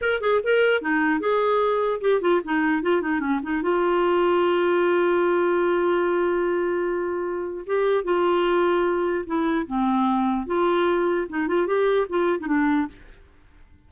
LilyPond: \new Staff \with { instrumentName = "clarinet" } { \time 4/4 \tempo 4 = 149 ais'8 gis'8 ais'4 dis'4 gis'4~ | gis'4 g'8 f'8 dis'4 f'8 dis'8 | cis'8 dis'8 f'2.~ | f'1~ |
f'2. g'4 | f'2. e'4 | c'2 f'2 | dis'8 f'8 g'4 f'8. dis'16 d'4 | }